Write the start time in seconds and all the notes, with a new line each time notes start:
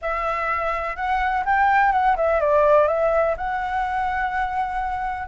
0.01 E5
0.96 F#5
1.45 G5
1.92 F#5
2.16 E5
2.40 D5
2.87 E5
3.37 F#5